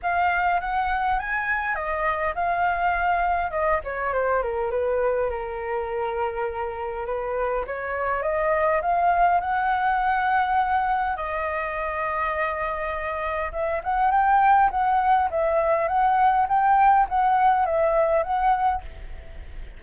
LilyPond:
\new Staff \with { instrumentName = "flute" } { \time 4/4 \tempo 4 = 102 f''4 fis''4 gis''4 dis''4 | f''2 dis''8 cis''8 c''8 ais'8 | b'4 ais'2. | b'4 cis''4 dis''4 f''4 |
fis''2. dis''4~ | dis''2. e''8 fis''8 | g''4 fis''4 e''4 fis''4 | g''4 fis''4 e''4 fis''4 | }